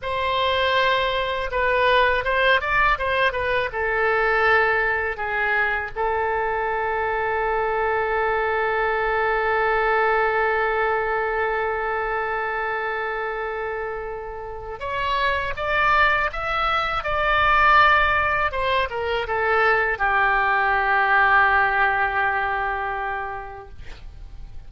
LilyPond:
\new Staff \with { instrumentName = "oboe" } { \time 4/4 \tempo 4 = 81 c''2 b'4 c''8 d''8 | c''8 b'8 a'2 gis'4 | a'1~ | a'1~ |
a'1 | cis''4 d''4 e''4 d''4~ | d''4 c''8 ais'8 a'4 g'4~ | g'1 | }